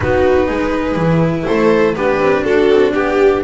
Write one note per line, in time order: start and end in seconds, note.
0.00 0.49 B3
0.00 0.95 D#4
0.00 0.47 F#4
0.00 1.45 B4
0.47 0.95 G#3
0.47 1.45 G#4
0.95 1.44 E3
0.95 1.94 E4
1.45 1.95 A3
1.45 1.95 A4
1.45 1.94 C5
1.95 2.18 B3
1.95 3.44 D4
1.95 2.43 G4
1.95 2.44 B4
2.18 2.43 C4
2.43 2.70 D4
2.43 2.92 F#4
2.43 2.93 A4
2.70 2.94 C4
2.93 3.43 B3
2.93 3.42 G4
2.93 3.43 G4